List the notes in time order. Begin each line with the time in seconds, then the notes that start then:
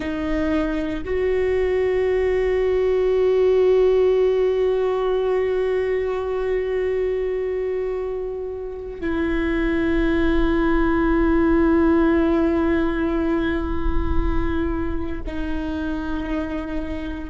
0.00 D#4
1.04 F#4
9.00 E4
15.26 D#4